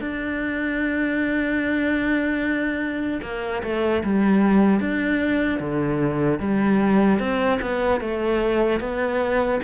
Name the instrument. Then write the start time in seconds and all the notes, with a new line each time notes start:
cello
0.00 D4
3.22 A#3
3.63 A3
4.04 G3
4.80 D4
5.60 D3
6.39 G3
7.19 C4
7.61 B3
8.00 A3
8.80 B3